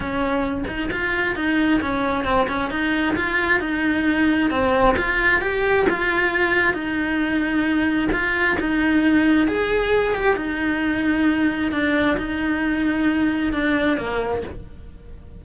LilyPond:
\new Staff \with { instrumentName = "cello" } { \time 4/4 \tempo 4 = 133 cis'4. dis'8 f'4 dis'4 | cis'4 c'8 cis'8 dis'4 f'4 | dis'2 c'4 f'4 | g'4 f'2 dis'4~ |
dis'2 f'4 dis'4~ | dis'4 gis'4. g'8 dis'4~ | dis'2 d'4 dis'4~ | dis'2 d'4 ais4 | }